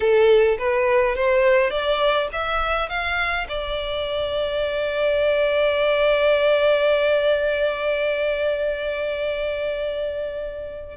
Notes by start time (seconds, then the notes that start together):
0.00 A4
0.58 B4
1.15 C5
1.70 D5
2.32 E5
2.89 F5
3.48 D5